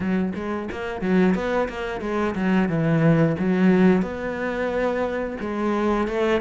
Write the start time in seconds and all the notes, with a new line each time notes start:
0.00 F#3
0.35 G#3
0.71 A#3
1.01 F#3
1.35 B3
1.69 A#3
2.00 G#3
2.35 F#3
2.68 E3
3.38 F#3
4.02 B3
5.40 G#3
6.07 A3